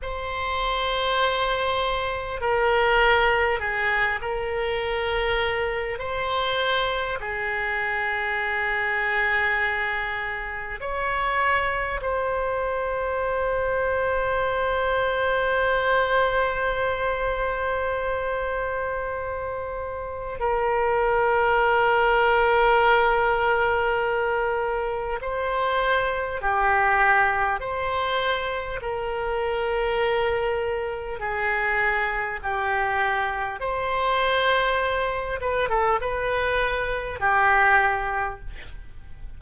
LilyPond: \new Staff \with { instrumentName = "oboe" } { \time 4/4 \tempo 4 = 50 c''2 ais'4 gis'8 ais'8~ | ais'4 c''4 gis'2~ | gis'4 cis''4 c''2~ | c''1~ |
c''4 ais'2.~ | ais'4 c''4 g'4 c''4 | ais'2 gis'4 g'4 | c''4. b'16 a'16 b'4 g'4 | }